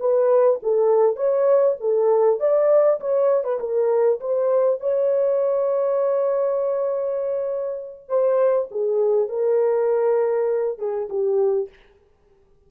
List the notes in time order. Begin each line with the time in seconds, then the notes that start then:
0.00 B4
0.63 A4
1.16 C#5
1.81 A4
2.40 D5
3.00 C#5
3.44 B4
3.60 A#4
4.20 C5
4.81 C#5
8.09 C5
8.71 G#4
9.29 A#4
10.79 G#4
11.10 G4